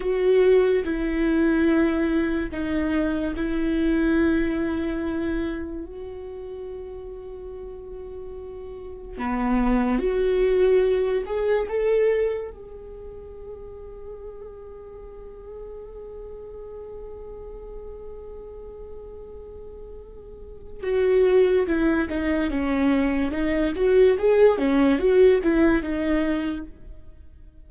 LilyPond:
\new Staff \with { instrumentName = "viola" } { \time 4/4 \tempo 4 = 72 fis'4 e'2 dis'4 | e'2. fis'4~ | fis'2. b4 | fis'4. gis'8 a'4 gis'4~ |
gis'1~ | gis'1~ | gis'4 fis'4 e'8 dis'8 cis'4 | dis'8 fis'8 gis'8 cis'8 fis'8 e'8 dis'4 | }